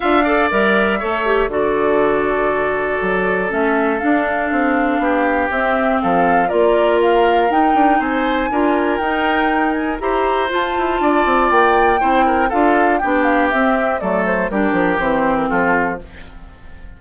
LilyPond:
<<
  \new Staff \with { instrumentName = "flute" } { \time 4/4 \tempo 4 = 120 f''4 e''2 d''4~ | d''2. e''4 | f''2. e''4 | f''4 d''4 f''4 g''4 |
gis''2 g''4. gis''8 | ais''4 a''2 g''4~ | g''4 f''4 g''8 f''8 e''4 | d''8 c''8 ais'4 c''8. ais'16 a'4 | }
  \new Staff \with { instrumentName = "oboe" } { \time 4/4 e''8 d''4. cis''4 a'4~ | a'1~ | a'2 g'2 | a'4 ais'2. |
c''4 ais'2. | c''2 d''2 | c''8 ais'8 a'4 g'2 | a'4 g'2 f'4 | }
  \new Staff \with { instrumentName = "clarinet" } { \time 4/4 f'8 a'8 ais'4 a'8 g'8 fis'4~ | fis'2. cis'4 | d'2. c'4~ | c'4 f'2 dis'4~ |
dis'4 f'4 dis'2 | g'4 f'2. | e'4 f'4 d'4 c'4 | a4 d'4 c'2 | }
  \new Staff \with { instrumentName = "bassoon" } { \time 4/4 d'4 g4 a4 d4~ | d2 fis4 a4 | d'4 c'4 b4 c'4 | f4 ais2 dis'8 d'8 |
c'4 d'4 dis'2 | e'4 f'8 e'8 d'8 c'8 ais4 | c'4 d'4 b4 c'4 | fis4 g8 f8 e4 f4 | }
>>